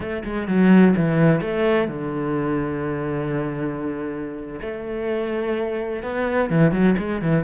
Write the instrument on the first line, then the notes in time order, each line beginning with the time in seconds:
cello
0.00 A3
0.24 G#3
0.47 F#3
0.96 E3
1.40 A3
1.88 D3
4.61 A3
6.02 B3
6.50 E3
6.71 F#3
6.98 G#3
7.21 E3